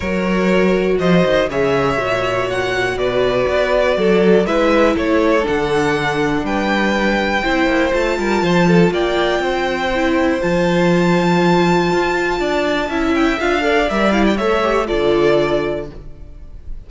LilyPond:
<<
  \new Staff \with { instrumentName = "violin" } { \time 4/4 \tempo 4 = 121 cis''2 dis''4 e''4~ | e''4 fis''4 d''2~ | d''4 e''4 cis''4 fis''4~ | fis''4 g''2. |
a''2 g''2~ | g''4 a''2.~ | a''2~ a''8 g''8 f''4 | e''8 f''16 g''16 e''4 d''2 | }
  \new Staff \with { instrumentName = "violin" } { \time 4/4 ais'2 c''4 cis''4~ | cis''2 b'2 | a'4 b'4 a'2~ | a'4 b'2 c''4~ |
c''8 ais'8 c''8 a'8 d''4 c''4~ | c''1~ | c''4 d''4 e''4. d''8~ | d''4 cis''4 a'2 | }
  \new Staff \with { instrumentName = "viola" } { \time 4/4 fis'2. gis'4 | fis'1~ | fis'4 e'2 d'4~ | d'2. e'4 |
f'1 | e'4 f'2.~ | f'2 e'4 f'8 a'8 | ais'8 e'8 a'8 g'8 f'2 | }
  \new Staff \with { instrumentName = "cello" } { \time 4/4 fis2 f8 dis8 cis4 | ais,2 b,4 b4 | fis4 gis4 a4 d4~ | d4 g2 c'8 ais8 |
a8 g8 f4 ais4 c'4~ | c'4 f2. | f'4 d'4 cis'4 d'4 | g4 a4 d2 | }
>>